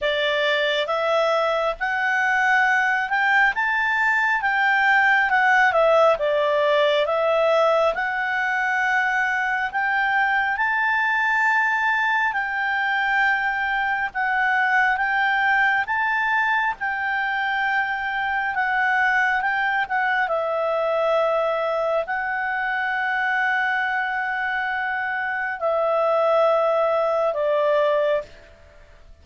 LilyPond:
\new Staff \with { instrumentName = "clarinet" } { \time 4/4 \tempo 4 = 68 d''4 e''4 fis''4. g''8 | a''4 g''4 fis''8 e''8 d''4 | e''4 fis''2 g''4 | a''2 g''2 |
fis''4 g''4 a''4 g''4~ | g''4 fis''4 g''8 fis''8 e''4~ | e''4 fis''2.~ | fis''4 e''2 d''4 | }